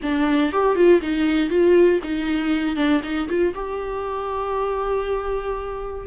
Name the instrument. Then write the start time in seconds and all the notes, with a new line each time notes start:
viola
0.02 D4
0.52 G4
0.75 F4
1.01 D#4
1.49 F4
2.03 D#4
2.75 D4
3.03 D#4
3.28 F4
3.54 G4